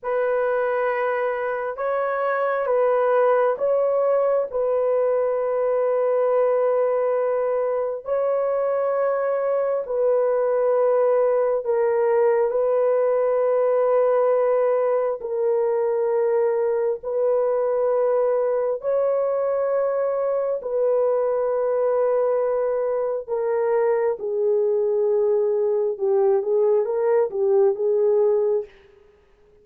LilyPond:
\new Staff \with { instrumentName = "horn" } { \time 4/4 \tempo 4 = 67 b'2 cis''4 b'4 | cis''4 b'2.~ | b'4 cis''2 b'4~ | b'4 ais'4 b'2~ |
b'4 ais'2 b'4~ | b'4 cis''2 b'4~ | b'2 ais'4 gis'4~ | gis'4 g'8 gis'8 ais'8 g'8 gis'4 | }